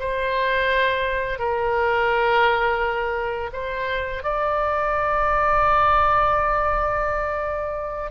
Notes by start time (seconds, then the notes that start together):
0.00 C5
1.39 A#4
3.53 C5
4.23 D5